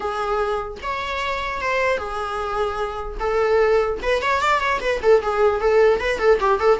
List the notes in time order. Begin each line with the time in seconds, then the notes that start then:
0.00 G#4
0.82 C#5
1.61 C5
1.97 G#4
3.19 A4
4.02 B4
4.22 C#5
4.41 D5
4.59 C#5
4.80 B4
5.02 A4
5.21 G#4
5.60 A4
5.99 B4
6.19 A4
6.40 G4
6.59 A4